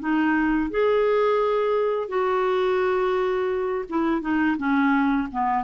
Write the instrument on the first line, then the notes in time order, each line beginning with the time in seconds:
clarinet
0.00 D#4
0.71 G#4
2.09 F#4
3.90 E4
4.22 D#4
4.58 C#4
5.32 B3